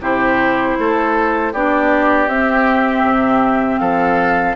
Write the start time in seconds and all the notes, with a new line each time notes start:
0.00 C3 E4 G4 C5
0.79 A3 A4
1.53 B3 D4 G4 D5
2.28 C4 E5
3.03 C3
3.79 F3 A4 F5